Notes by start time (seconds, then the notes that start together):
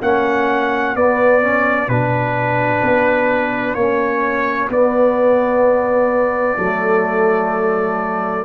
0.00 A#3 C#4 F#4 F#5
0.95 B3 D5
1.41 C#4
1.88 B2 D4 B4
2.82 B3
3.74 A#3 C#4 C#5
4.69 B3 D5
6.56 F#3 A3 A4